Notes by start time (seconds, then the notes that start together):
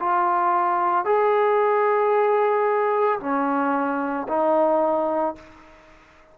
0.00 F4
1.05 G#4
3.20 C#4
4.29 D#4